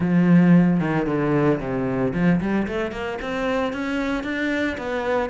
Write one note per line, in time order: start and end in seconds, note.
0.00 0.80 F3
0.80 1.06 D#3
1.06 1.59 D3
1.60 2.13 C3
2.13 2.40 F3
2.40 2.67 G3
2.67 2.91 A3
2.91 3.18 A#3
3.21 3.73 C4
3.73 4.23 C#4
4.23 4.76 D4
4.77 5.29 B3